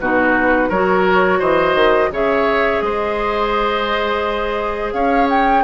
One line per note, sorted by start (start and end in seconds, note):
0.00 0.71 B2
0.00 0.73 D#4
0.00 0.70 F#4
0.00 0.71 B4
0.70 1.41 F#3
0.70 2.13 F#4
0.70 1.39 A#4
0.70 1.41 C#5
1.39 1.75 E3
1.39 2.10 C5
1.39 2.12 D#5
1.75 2.10 D#3
2.11 2.82 C#3
2.11 5.65 G#4
2.11 2.84 C#5
2.11 2.81 E5
2.81 4.94 G#3
2.81 4.95 C5
2.81 4.93 D#5
4.93 5.64 C#4
4.93 5.65 C#5
4.93 5.28 F5
5.30 5.65 G5